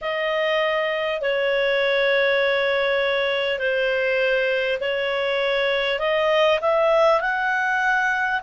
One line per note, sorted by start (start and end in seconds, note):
0.01 1.21 D#5
1.21 3.58 C#5
3.58 4.78 C5
4.80 5.99 C#5
5.99 6.59 D#5
6.61 7.21 E5
7.21 8.41 F#5